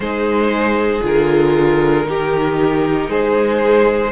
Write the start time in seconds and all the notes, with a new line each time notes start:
0.00 G#3 D#4 G#4 C5
1.01 D3 F4 A#4
2.04 D#3 D#4 G4
3.08 G#3 G#4 C5